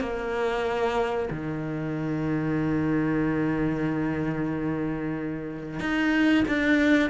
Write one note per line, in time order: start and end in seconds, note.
0.00 1.29 A#3
1.30 5.80 D#3
5.80 6.45 D#4
6.48 7.10 D4